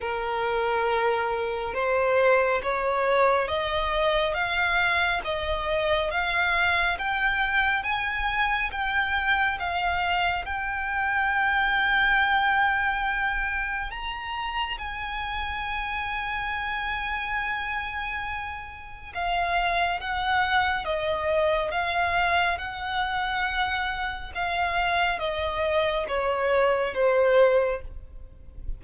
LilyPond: \new Staff \with { instrumentName = "violin" } { \time 4/4 \tempo 4 = 69 ais'2 c''4 cis''4 | dis''4 f''4 dis''4 f''4 | g''4 gis''4 g''4 f''4 | g''1 |
ais''4 gis''2.~ | gis''2 f''4 fis''4 | dis''4 f''4 fis''2 | f''4 dis''4 cis''4 c''4 | }